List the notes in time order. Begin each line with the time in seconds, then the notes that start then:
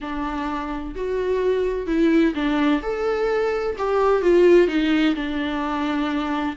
0.01 D4
0.95 F#4
1.86 E4
2.34 D4
2.82 A4
3.77 G4
4.22 F4
4.67 D#4
5.15 D4